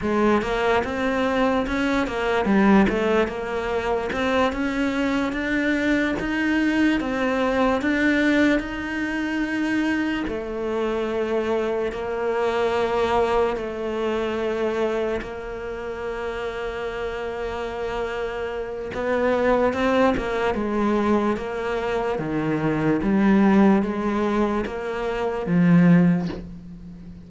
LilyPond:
\new Staff \with { instrumentName = "cello" } { \time 4/4 \tempo 4 = 73 gis8 ais8 c'4 cis'8 ais8 g8 a8 | ais4 c'8 cis'4 d'4 dis'8~ | dis'8 c'4 d'4 dis'4.~ | dis'8 a2 ais4.~ |
ais8 a2 ais4.~ | ais2. b4 | c'8 ais8 gis4 ais4 dis4 | g4 gis4 ais4 f4 | }